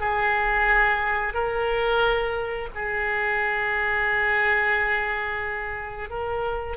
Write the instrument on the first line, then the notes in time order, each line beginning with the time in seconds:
oboe
0.00 G#4
1.34 A#4
2.75 G#4
6.10 A#4